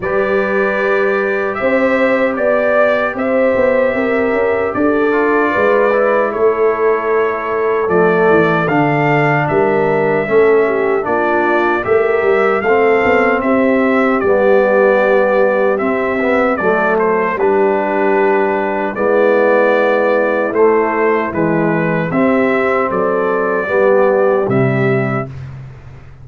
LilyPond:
<<
  \new Staff \with { instrumentName = "trumpet" } { \time 4/4 \tempo 4 = 76 d''2 e''4 d''4 | e''2 d''2 | cis''2 d''4 f''4 | e''2 d''4 e''4 |
f''4 e''4 d''2 | e''4 d''8 c''8 b'2 | d''2 c''4 b'4 | e''4 d''2 e''4 | }
  \new Staff \with { instrumentName = "horn" } { \time 4/4 b'2 c''4 d''4 | c''4 ais'4 a'4 b'4 | a'1 | ais'4 a'8 g'8 f'4 ais'4 |
a'4 g'2.~ | g'4 a'4 g'2 | e'1 | g'4 a'4 g'2 | }
  \new Staff \with { instrumentName = "trombone" } { \time 4/4 g'1~ | g'2~ g'8 f'4 e'8~ | e'2 a4 d'4~ | d'4 cis'4 d'4 g'4 |
c'2 b2 | c'8 b8 a4 d'2 | b2 a4 gis4 | c'2 b4 g4 | }
  \new Staff \with { instrumentName = "tuba" } { \time 4/4 g2 c'4 b4 | c'8 b8 c'8 cis'8 d'4 gis4 | a2 f8 e8 d4 | g4 a4 ais4 a8 g8 |
a8 b8 c'4 g2 | c'4 fis4 g2 | gis2 a4 e4 | c'4 fis4 g4 c4 | }
>>